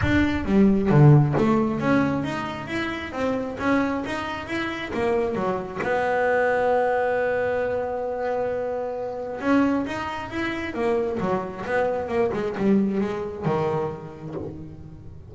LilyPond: \new Staff \with { instrumentName = "double bass" } { \time 4/4 \tempo 4 = 134 d'4 g4 d4 a4 | cis'4 dis'4 e'4 c'4 | cis'4 dis'4 e'4 ais4 | fis4 b2.~ |
b1~ | b4 cis'4 dis'4 e'4 | ais4 fis4 b4 ais8 gis8 | g4 gis4 dis2 | }